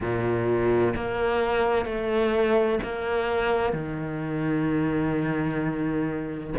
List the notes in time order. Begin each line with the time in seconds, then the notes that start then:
0.00 A#2
0.95 A#3
1.85 A3
2.83 A#3
3.72 D#3